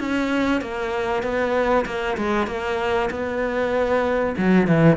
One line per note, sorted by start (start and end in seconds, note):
0.00 0.62 C#4
0.62 1.23 A#3
1.23 1.86 B3
1.86 2.17 A#3
2.18 2.47 G#3
2.47 3.10 A#3
3.11 4.36 B3
4.38 4.68 F#3
4.68 4.97 E3